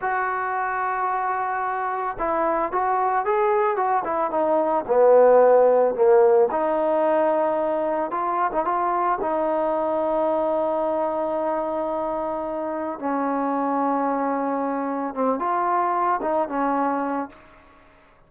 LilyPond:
\new Staff \with { instrumentName = "trombone" } { \time 4/4 \tempo 4 = 111 fis'1 | e'4 fis'4 gis'4 fis'8 e'8 | dis'4 b2 ais4 | dis'2. f'8. dis'16 |
f'4 dis'2.~ | dis'1 | cis'1 | c'8 f'4. dis'8 cis'4. | }